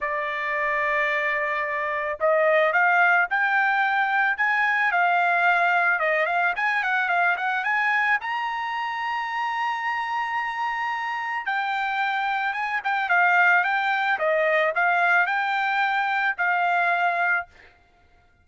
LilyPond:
\new Staff \with { instrumentName = "trumpet" } { \time 4/4 \tempo 4 = 110 d''1 | dis''4 f''4 g''2 | gis''4 f''2 dis''8 f''8 | gis''8 fis''8 f''8 fis''8 gis''4 ais''4~ |
ais''1~ | ais''4 g''2 gis''8 g''8 | f''4 g''4 dis''4 f''4 | g''2 f''2 | }